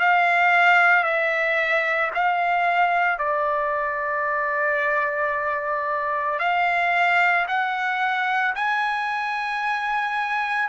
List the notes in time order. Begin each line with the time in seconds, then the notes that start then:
0.00 F5
1.04 E5
2.15 F5
3.19 D5
6.39 F5
7.48 F#5
8.56 G#5